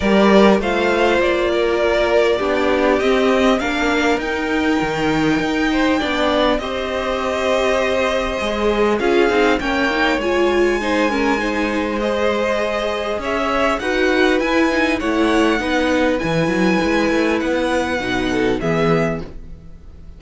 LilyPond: <<
  \new Staff \with { instrumentName = "violin" } { \time 4/4 \tempo 4 = 100 d''4 f''4 d''2~ | d''4 dis''4 f''4 g''4~ | g''2. dis''4~ | dis''2. f''4 |
g''4 gis''2. | dis''2 e''4 fis''4 | gis''4 fis''2 gis''4~ | gis''4 fis''2 e''4 | }
  \new Staff \with { instrumentName = "violin" } { \time 4/4 ais'4 c''4. ais'4. | g'2 ais'2~ | ais'4. c''8 d''4 c''4~ | c''2. gis'4 |
cis''2 c''8 ais'8 c''4~ | c''2 cis''4 b'4~ | b'4 cis''4 b'2~ | b'2~ b'8 a'8 gis'4 | }
  \new Staff \with { instrumentName = "viola" } { \time 4/4 g'4 f'2. | d'4 c'4 d'4 dis'4~ | dis'2 d'4 g'4~ | g'2 gis'4 f'8 dis'8 |
cis'8 dis'8 f'4 dis'8 cis'8 dis'4 | gis'2. fis'4 | e'8 dis'8 e'4 dis'4 e'4~ | e'2 dis'4 b4 | }
  \new Staff \with { instrumentName = "cello" } { \time 4/4 g4 a4 ais2 | b4 c'4 ais4 dis'4 | dis4 dis'4 b4 c'4~ | c'2 gis4 cis'8 c'8 |
ais4 gis2.~ | gis2 cis'4 dis'4 | e'4 a4 b4 e8 fis8 | gis8 a8 b4 b,4 e4 | }
>>